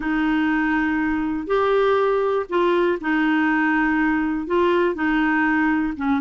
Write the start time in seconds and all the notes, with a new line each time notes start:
0.00 D#4
1.47 G4
2.49 F4
3.00 D#4
4.47 F4
4.94 D#4
5.96 C#4